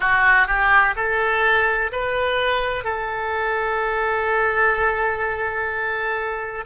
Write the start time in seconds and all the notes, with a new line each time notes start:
0.00 F#4
0.47 G4
0.96 A4
1.91 B4
2.84 A4